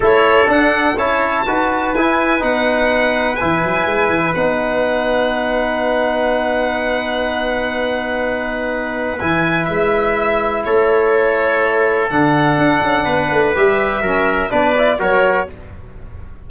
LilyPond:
<<
  \new Staff \with { instrumentName = "violin" } { \time 4/4 \tempo 4 = 124 cis''4 fis''4 a''2 | gis''4 fis''2 gis''4~ | gis''4 fis''2.~ | fis''1~ |
fis''2. gis''4 | e''2 cis''2~ | cis''4 fis''2. | e''2 d''4 cis''4 | }
  \new Staff \with { instrumentName = "trumpet" } { \time 4/4 a'2 cis''4 b'4~ | b'1~ | b'1~ | b'1~ |
b'1~ | b'2 a'2~ | a'2. b'4~ | b'4 ais'4 b'4 ais'4 | }
  \new Staff \with { instrumentName = "trombone" } { \time 4/4 e'4 d'4 e'4 fis'4 | e'4 dis'2 e'4~ | e'4 dis'2.~ | dis'1~ |
dis'2. e'4~ | e'1~ | e'4 d'2. | g'4 cis'4 d'8 e'8 fis'4 | }
  \new Staff \with { instrumentName = "tuba" } { \time 4/4 a4 d'4 cis'4 dis'4 | e'4 b2 e8 fis8 | gis8 e8 b2.~ | b1~ |
b2. e4 | gis2 a2~ | a4 d4 d'8 cis'8 b8 a8 | g4 fis4 b4 fis4 | }
>>